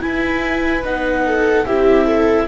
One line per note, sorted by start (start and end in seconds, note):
0.00 0.82 E4
0.00 0.84 E4
0.00 1.25 B4
0.00 0.84 G#5
0.84 1.66 B3
0.84 1.66 D#4
0.84 1.65 F#5
1.26 1.66 A4
1.65 2.47 C4
1.65 2.47 E4
1.65 2.05 G4
1.65 2.47 E5
2.05 2.46 A4